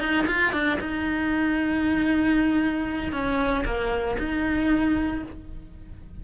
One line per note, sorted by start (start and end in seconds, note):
0.00 0.26 D#4
0.27 0.53 F4
0.53 0.79 D4
0.81 3.13 D#4
3.13 3.65 C#4
3.65 4.17 A#3
4.19 5.23 D#4